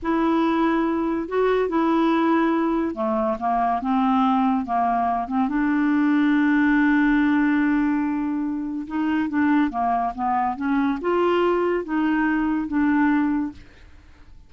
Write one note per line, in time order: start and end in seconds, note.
0.02 1.28 E4
1.28 1.68 F#4
1.68 2.94 E4
2.94 3.37 A3
3.39 3.81 A#3
3.81 4.65 C4
4.65 5.27 A#3
5.27 5.48 C4
5.48 8.86 D4
8.87 9.29 D#4
9.29 9.70 D4
9.70 10.12 A#3
10.14 10.56 B3
10.56 10.98 C#4
11.01 11.84 F4
11.84 12.67 D#4
12.67 13.52 D4